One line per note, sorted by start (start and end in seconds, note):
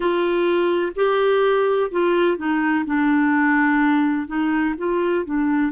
0.00 0.92 F4
0.95 1.90 G4
1.91 2.37 F4
2.37 2.84 D#4
2.85 4.27 D4
4.27 4.74 D#4
4.77 5.25 F4
5.25 5.71 D4